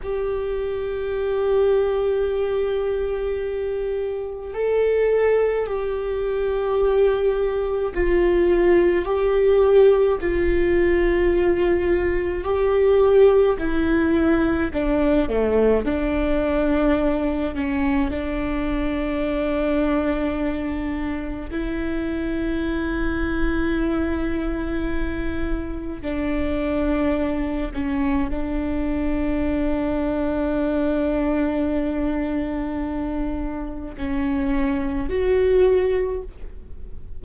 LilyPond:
\new Staff \with { instrumentName = "viola" } { \time 4/4 \tempo 4 = 53 g'1 | a'4 g'2 f'4 | g'4 f'2 g'4 | e'4 d'8 a8 d'4. cis'8 |
d'2. e'4~ | e'2. d'4~ | d'8 cis'8 d'2.~ | d'2 cis'4 fis'4 | }